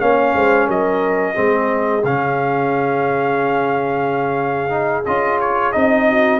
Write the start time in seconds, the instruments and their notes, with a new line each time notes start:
0.00 tuba A#3, trombone C#4, horn C#5, trumpet F5
0.35 tuba G#3, horn C5
0.66 tuba F#3, horn A#4, trumpet D#5
1.35 tuba G#3, trombone C4, horn G#4
2.04 tuba C#3, trombone C#4, trumpet F5
4.69 trombone D#4
5.05 tuba C#4, trombone F4, trumpet D#5
5.41 trumpet C#5
5.72 tuba C4, trombone D#4, trumpet D#5
6.09 horn F#4